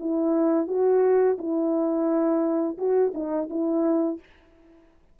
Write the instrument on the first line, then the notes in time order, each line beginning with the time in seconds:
horn
0.00 E4
0.68 F#4
1.38 E4
2.78 F#4
3.14 D#4
3.50 E4